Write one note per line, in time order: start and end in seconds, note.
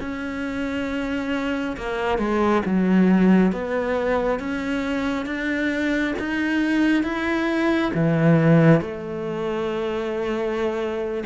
0.00 1.76 C#4
1.77 2.18 A#3
2.18 2.62 G#3
2.65 3.52 F#3
3.52 4.39 B3
4.39 5.26 C#4
5.26 6.14 D4
6.19 7.03 D#4
7.03 7.91 E4
7.94 8.81 E3
8.81 11.23 A3